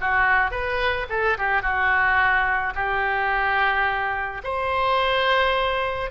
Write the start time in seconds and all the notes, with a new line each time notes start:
0.00 F#4
0.51 B4
1.09 A4
1.37 G4
1.62 F#4
2.75 G4
4.43 C5